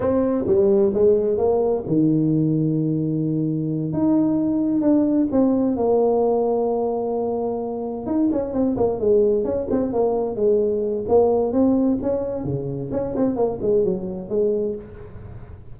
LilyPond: \new Staff \with { instrumentName = "tuba" } { \time 4/4 \tempo 4 = 130 c'4 g4 gis4 ais4 | dis1~ | dis8 dis'2 d'4 c'8~ | c'8 ais2.~ ais8~ |
ais4. dis'8 cis'8 c'8 ais8 gis8~ | gis8 cis'8 c'8 ais4 gis4. | ais4 c'4 cis'4 cis4 | cis'8 c'8 ais8 gis8 fis4 gis4 | }